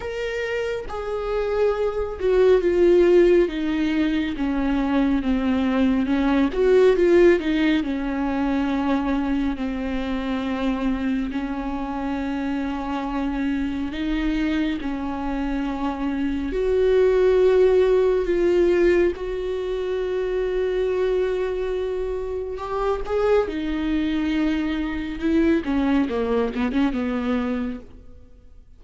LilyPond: \new Staff \with { instrumentName = "viola" } { \time 4/4 \tempo 4 = 69 ais'4 gis'4. fis'8 f'4 | dis'4 cis'4 c'4 cis'8 fis'8 | f'8 dis'8 cis'2 c'4~ | c'4 cis'2. |
dis'4 cis'2 fis'4~ | fis'4 f'4 fis'2~ | fis'2 g'8 gis'8 dis'4~ | dis'4 e'8 cis'8 ais8 b16 cis'16 b4 | }